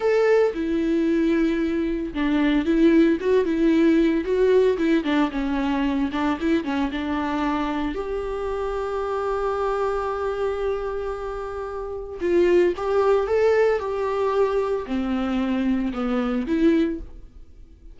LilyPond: \new Staff \with { instrumentName = "viola" } { \time 4/4 \tempo 4 = 113 a'4 e'2. | d'4 e'4 fis'8 e'4. | fis'4 e'8 d'8 cis'4. d'8 | e'8 cis'8 d'2 g'4~ |
g'1~ | g'2. f'4 | g'4 a'4 g'2 | c'2 b4 e'4 | }